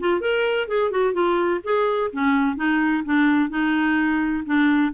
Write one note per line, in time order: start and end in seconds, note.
0.00 0.21 F4
0.21 0.68 A#4
0.68 0.91 G#4
0.91 1.14 F#4
1.14 1.61 F4
1.64 2.11 G#4
2.13 2.57 C#4
2.57 3.04 D#4
3.06 3.50 D4
3.50 4.45 D#4
4.46 4.93 D4